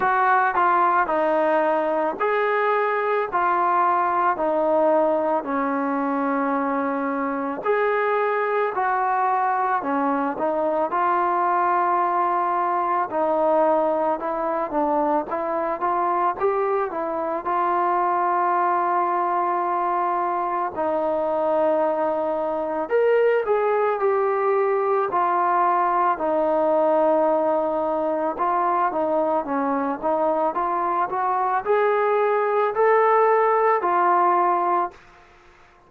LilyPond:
\new Staff \with { instrumentName = "trombone" } { \time 4/4 \tempo 4 = 55 fis'8 f'8 dis'4 gis'4 f'4 | dis'4 cis'2 gis'4 | fis'4 cis'8 dis'8 f'2 | dis'4 e'8 d'8 e'8 f'8 g'8 e'8 |
f'2. dis'4~ | dis'4 ais'8 gis'8 g'4 f'4 | dis'2 f'8 dis'8 cis'8 dis'8 | f'8 fis'8 gis'4 a'4 f'4 | }